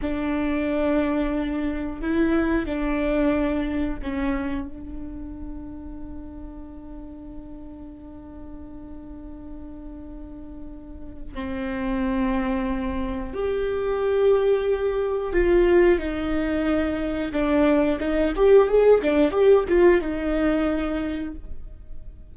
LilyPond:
\new Staff \with { instrumentName = "viola" } { \time 4/4 \tempo 4 = 90 d'2. e'4 | d'2 cis'4 d'4~ | d'1~ | d'1~ |
d'4 c'2. | g'2. f'4 | dis'2 d'4 dis'8 g'8 | gis'8 d'8 g'8 f'8 dis'2 | }